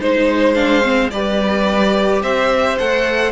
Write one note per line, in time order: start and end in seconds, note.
0.00 1.12 G#3
0.00 0.55 D#4
0.00 0.54 C5
0.00 1.10 C5
0.54 0.82 D4
0.54 1.09 F5
0.82 1.10 C4
1.10 2.22 G3
1.10 2.79 G4
1.10 2.22 B4
1.10 2.21 D5
2.22 2.78 C4
2.22 3.31 C5
2.22 2.78 E5
2.78 3.31 A3
2.78 3.31 A4
2.78 3.31 F#5